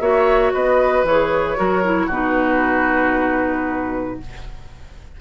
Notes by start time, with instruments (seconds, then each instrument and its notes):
0.00 bassoon A#3, clarinet F#4, oboe C#5, flute E5
0.54 bassoon B3, oboe B4, flute D#5
1.04 bassoon E3, flute C#5
1.11 clarinet G#4
1.56 bassoon F#3, clarinet F#4, oboe A#4
1.85 clarinet E4
2.07 bassoon B2, clarinet D#4, oboe F#4, flute B4